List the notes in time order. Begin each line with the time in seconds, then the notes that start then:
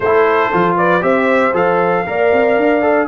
0.00 A3 E4 A4 C5
0.52 F3 F4
0.76 B4 D5
1.00 C4 G4 C5 E5
1.53 F3 A4 F5
2.06 A#3 A#4 D5
2.32 C4
2.56 D4
2.81 A4